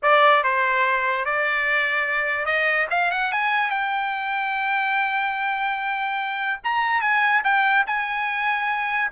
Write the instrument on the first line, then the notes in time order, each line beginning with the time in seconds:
trumpet
0.02 D5
0.43 C5
1.25 D5
2.45 D#5
2.90 F5
3.11 F#5
3.32 G#5
3.70 G5
6.64 A#5
7.01 G#5
7.44 G5
7.86 G#5